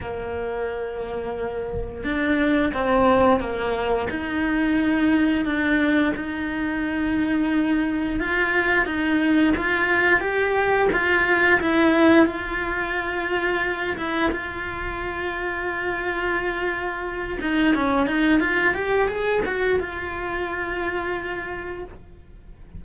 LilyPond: \new Staff \with { instrumentName = "cello" } { \time 4/4 \tempo 4 = 88 ais2. d'4 | c'4 ais4 dis'2 | d'4 dis'2. | f'4 dis'4 f'4 g'4 |
f'4 e'4 f'2~ | f'8 e'8 f'2.~ | f'4. dis'8 cis'8 dis'8 f'8 g'8 | gis'8 fis'8 f'2. | }